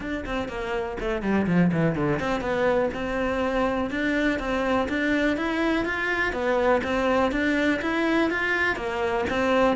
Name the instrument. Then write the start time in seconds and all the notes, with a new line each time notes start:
cello
0.00 D4
0.25 C4
0.48 A#3
1.00 A3
1.22 G3
1.46 F3
1.72 E3
1.95 D3
2.19 C4
2.40 B3
2.94 C4
3.90 D4
4.39 C4
4.88 D4
5.36 E4
5.85 F4
6.32 B3
6.83 C4
7.31 D4
7.81 E4
8.30 F4
8.76 A#3
9.29 C4